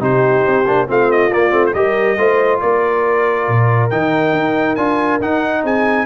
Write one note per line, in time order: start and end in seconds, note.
0.00 0.44 C3
0.00 0.65 D#4
0.00 0.87 G4
0.00 0.89 C5
0.47 0.66 C4
0.66 0.88 A#3
0.66 0.88 D4
0.88 1.32 A3
0.88 1.31 C4
0.88 1.76 F4
0.88 1.11 F5
1.11 1.33 D#5
1.32 1.52 A#3
1.32 1.50 A#3
1.32 1.65 D5
1.50 1.74 A3
1.50 1.72 C4
1.66 1.74 C5
1.74 2.17 G3
1.74 2.18 G4
1.74 2.18 A#4
1.74 2.60 D#5
2.18 2.61 A3
2.18 3.91 F4
2.18 2.61 C5
2.61 3.48 A#3
2.61 5.63 A#4
2.61 3.90 D5
3.48 3.91 A#2
3.90 4.33 D#3
3.90 4.78 D#4
3.90 4.76 G5
4.33 4.76 D#4
4.76 5.20 D4
4.76 5.21 F4
4.76 5.19 G#5
5.21 5.64 D#4
5.21 6.06 D#4
5.21 5.65 F#5
5.63 6.06 C4
5.63 6.06 G#4
5.63 6.06 G#5